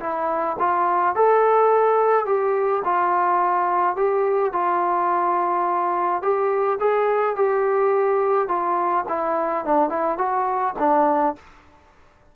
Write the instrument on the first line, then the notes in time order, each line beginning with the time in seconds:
trombone
0.00 E4
0.59 F4
1.16 A4
2.26 G4
2.85 F4
3.96 G4
4.53 F4
6.22 G4
6.80 G#4
7.36 G4
8.48 F4
9.09 E4
9.65 D4
9.90 E4
10.18 F#4
10.79 D4